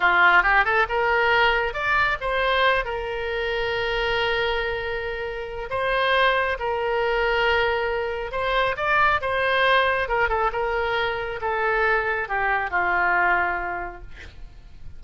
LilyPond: \new Staff \with { instrumentName = "oboe" } { \time 4/4 \tempo 4 = 137 f'4 g'8 a'8 ais'2 | d''4 c''4. ais'4.~ | ais'1~ | ais'4 c''2 ais'4~ |
ais'2. c''4 | d''4 c''2 ais'8 a'8 | ais'2 a'2 | g'4 f'2. | }